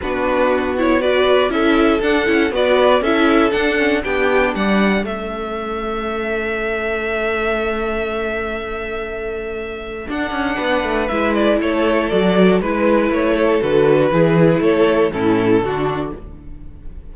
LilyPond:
<<
  \new Staff \with { instrumentName = "violin" } { \time 4/4 \tempo 4 = 119 b'4. cis''8 d''4 e''4 | fis''4 d''4 e''4 fis''4 | g''4 fis''4 e''2~ | e''1~ |
e''1 | fis''2 e''8 d''8 cis''4 | d''4 b'4 cis''4 b'4~ | b'4 cis''4 a'2 | }
  \new Staff \with { instrumentName = "violin" } { \time 4/4 fis'2 b'4 a'4~ | a'4 b'4 a'2 | g'4 d''4 a'2~ | a'1~ |
a'1~ | a'4 b'2 a'4~ | a'4 b'4. a'4. | gis'4 a'4 e'4 fis'4 | }
  \new Staff \with { instrumentName = "viola" } { \time 4/4 d'4. e'8 fis'4 e'4 | d'8 e'8 fis'4 e'4 d'8 cis'8 | d'2 cis'2~ | cis'1~ |
cis'1 | d'2 e'2 | fis'4 e'2 fis'4 | e'2 cis'4 d'4 | }
  \new Staff \with { instrumentName = "cello" } { \time 4/4 b2. cis'4 | d'8 cis'8 b4 cis'4 d'4 | b4 g4 a2~ | a1~ |
a1 | d'8 cis'8 b8 a8 gis4 a4 | fis4 gis4 a4 d4 | e4 a4 a,4 d4 | }
>>